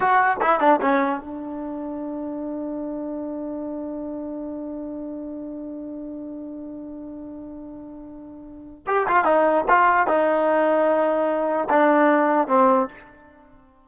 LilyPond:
\new Staff \with { instrumentName = "trombone" } { \time 4/4 \tempo 4 = 149 fis'4 e'8 d'8 cis'4 d'4~ | d'1~ | d'1~ | d'1~ |
d'1~ | d'2 g'8 f'8 dis'4 | f'4 dis'2.~ | dis'4 d'2 c'4 | }